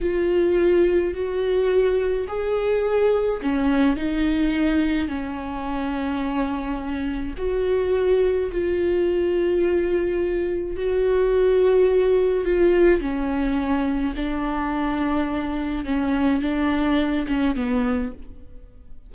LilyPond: \new Staff \with { instrumentName = "viola" } { \time 4/4 \tempo 4 = 106 f'2 fis'2 | gis'2 cis'4 dis'4~ | dis'4 cis'2.~ | cis'4 fis'2 f'4~ |
f'2. fis'4~ | fis'2 f'4 cis'4~ | cis'4 d'2. | cis'4 d'4. cis'8 b4 | }